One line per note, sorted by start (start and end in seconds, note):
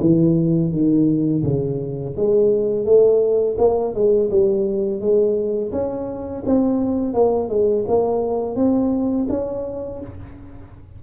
0.00 0.71 E3
0.71 1.43 D#3
1.43 2.15 C#3
2.16 2.85 G#3
2.85 3.56 A3
3.58 3.94 A#3
3.94 4.29 G#3
4.30 5.00 G3
5.00 5.71 G#3
5.71 6.43 C#4
6.45 7.13 C4
7.13 7.48 A#3
7.48 7.84 G#3
7.87 8.55 A#3
8.55 9.27 C4
9.29 10.00 C#4